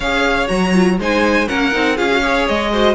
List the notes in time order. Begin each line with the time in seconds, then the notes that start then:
0.00 C#4 G#4 C#5 F5
0.47 F#3 F#4 A#5
0.74 F4
0.98 G#3 D#4 C5 G#5
1.47 A#3 C#4 A#4 F#5
1.71 C4 D#4
1.96 C#4 F4 G#4 F5
2.11 F#4
2.21 G#4 C#5
2.47 G#3 D#5
2.71 F#4 C5